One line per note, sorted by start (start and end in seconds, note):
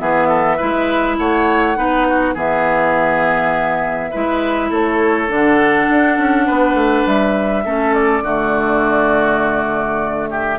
0.00 0.59 E3
0.00 0.59 B3
0.00 0.28 G#4
0.00 1.18 E5
0.28 0.57 A4
0.57 1.19 G#3
0.57 1.77 E4
0.57 1.16 B4
1.18 1.77 A3
1.18 1.78 C#5
1.18 2.36 F#5
1.77 2.35 B3
1.77 2.35 D#4
1.77 2.08 B4
2.09 2.35 F#4
2.35 4.12 E3
2.35 4.13 B3
2.35 4.11 G#4
2.35 4.73 E5
4.11 4.71 G#3
4.11 5.29 E4
4.11 4.70 B4
4.70 5.29 A3
4.70 6.47 A4
4.70 5.31 C#5
5.29 5.88 D3
5.29 7.64 D4
5.29 7.08 F#5
5.90 6.18 D4
6.18 6.48 C#4
6.47 6.74 B3
6.47 7.64 B4
6.74 7.04 A3
7.07 7.66 G3
7.07 7.94 E5
7.65 8.23 A3
7.65 8.24 C#4
7.65 8.24 A4
7.94 10.30 D5
8.23 10.59 D3
8.23 10.59 A3
8.23 10.30 F#4
10.31 10.59 G4
10.31 10.59 E5